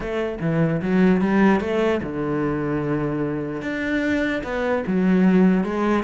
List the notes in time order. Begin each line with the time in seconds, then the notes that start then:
0.00 A3
0.40 E3
0.81 F#3
1.21 G3
1.60 A3
2.02 D3
3.61 D4
4.43 B3
4.87 F#3
5.64 G#3